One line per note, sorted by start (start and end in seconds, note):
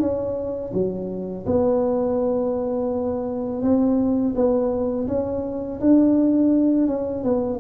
0.00 0.72 C#4
0.73 1.46 F#3
1.46 3.62 B3
3.62 4.35 C4
4.35 5.08 B3
5.08 5.80 C#4
5.81 6.87 D4
6.87 7.24 C#4
7.24 7.60 B3